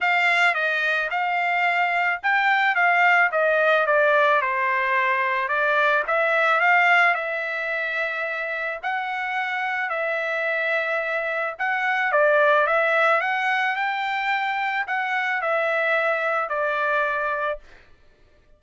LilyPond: \new Staff \with { instrumentName = "trumpet" } { \time 4/4 \tempo 4 = 109 f''4 dis''4 f''2 | g''4 f''4 dis''4 d''4 | c''2 d''4 e''4 | f''4 e''2. |
fis''2 e''2~ | e''4 fis''4 d''4 e''4 | fis''4 g''2 fis''4 | e''2 d''2 | }